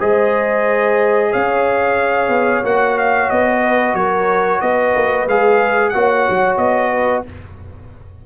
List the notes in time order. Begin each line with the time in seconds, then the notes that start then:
0.00 G#3 G#4 C5 D#5
1.31 C#4 C#5 F5
2.29 B3
2.64 A#3 F#4 F#5
2.99 F5
3.30 B3 D#5
3.64 B4
3.94 F#3 A#4 C#5
4.62 B3 B4 D#5
4.96 A#3
5.27 G#3 G#4 F5
5.89 A#3 F#4 C#5 F#5
6.30 F#3
6.58 B3 D#5
6.92 B4